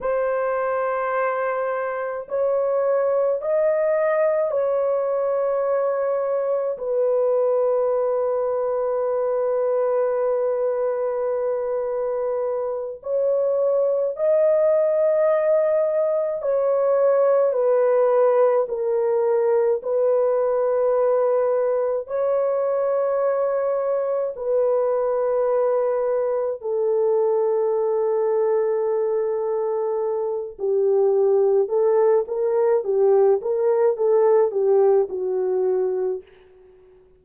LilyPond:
\new Staff \with { instrumentName = "horn" } { \time 4/4 \tempo 4 = 53 c''2 cis''4 dis''4 | cis''2 b'2~ | b'2.~ b'8 cis''8~ | cis''8 dis''2 cis''4 b'8~ |
b'8 ais'4 b'2 cis''8~ | cis''4. b'2 a'8~ | a'2. g'4 | a'8 ais'8 g'8 ais'8 a'8 g'8 fis'4 | }